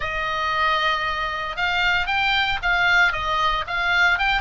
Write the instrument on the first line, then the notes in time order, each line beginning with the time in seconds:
oboe
0.00 D#5
1.56 F5
2.07 G5
2.62 F5
3.12 D#5
3.67 F5
4.18 G5